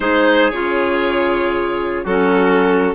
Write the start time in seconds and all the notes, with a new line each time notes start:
0.00 G#3 D#4 G#4 C5
0.50 C#3 F4 C#5
2.04 F#3 C#4 F#4 A4